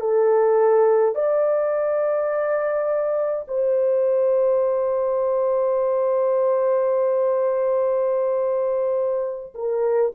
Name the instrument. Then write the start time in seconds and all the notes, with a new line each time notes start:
horn
0.00 A4
1.15 D5
3.48 C5
9.55 A#4